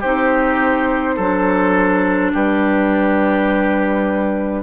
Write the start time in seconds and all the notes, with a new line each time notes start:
0.00 C4 D#4 G4 C5
1.16 F#3 D4 A4
2.33 G3 G4 B4